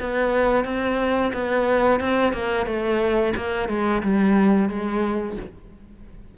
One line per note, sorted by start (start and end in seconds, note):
0.00 0.65 B3
0.65 1.33 C4
1.34 2.00 B3
2.00 2.34 C4
2.34 2.67 A#3
2.67 3.34 A3
3.36 3.69 A#3
3.69 4.03 G#3
4.03 4.69 G3
4.69 5.37 G#3